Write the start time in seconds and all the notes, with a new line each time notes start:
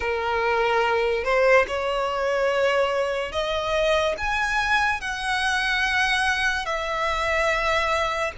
0.00 A#4
1.23 C5
1.67 C#5
3.31 D#5
4.17 G#5
5.00 F#5
6.65 E5